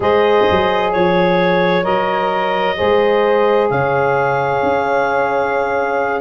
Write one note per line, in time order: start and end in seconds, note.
0.00 0.44 G#3
0.00 1.82 G#4
0.00 0.93 C5
0.00 0.92 D#5
0.50 0.94 F#3
0.92 1.85 F3
0.92 1.83 C#5
0.92 2.77 C#5
1.82 2.77 F#3
1.82 2.75 A#4
1.82 3.68 D#5
2.75 3.70 G#3
2.75 6.21 G#4
2.75 3.69 C5
3.69 4.62 C#3
3.69 6.21 C#5
3.69 6.21 F5
4.62 6.21 C#4